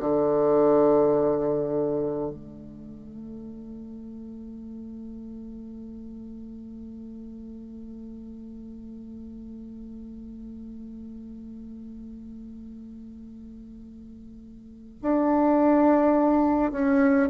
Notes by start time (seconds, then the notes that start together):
0.00 D3
2.31 A3
15.03 D4
16.72 C#4